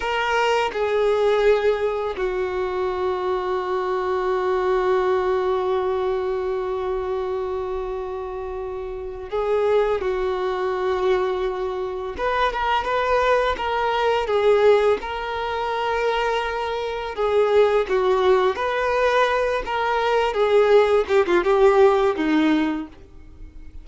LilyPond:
\new Staff \with { instrumentName = "violin" } { \time 4/4 \tempo 4 = 84 ais'4 gis'2 fis'4~ | fis'1~ | fis'1~ | fis'4 gis'4 fis'2~ |
fis'4 b'8 ais'8 b'4 ais'4 | gis'4 ais'2. | gis'4 fis'4 b'4. ais'8~ | ais'8 gis'4 g'16 f'16 g'4 dis'4 | }